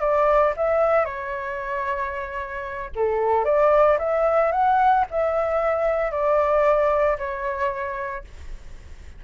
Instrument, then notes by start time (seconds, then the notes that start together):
flute
0.00 D5
0.56 E5
1.05 C#5
2.95 A4
3.44 D5
3.98 E5
4.51 F#5
5.10 E5
6.11 D5
7.18 C#5